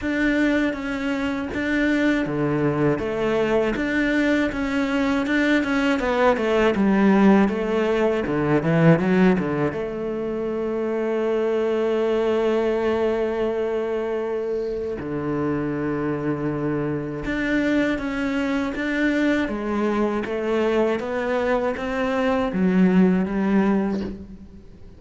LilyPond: \new Staff \with { instrumentName = "cello" } { \time 4/4 \tempo 4 = 80 d'4 cis'4 d'4 d4 | a4 d'4 cis'4 d'8 cis'8 | b8 a8 g4 a4 d8 e8 | fis8 d8 a2.~ |
a1 | d2. d'4 | cis'4 d'4 gis4 a4 | b4 c'4 fis4 g4 | }